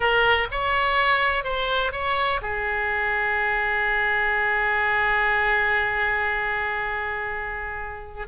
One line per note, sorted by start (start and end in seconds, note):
0.00 0.47 A#4
0.51 1.44 C#5
1.44 1.92 C5
1.92 2.40 C#5
2.41 8.27 G#4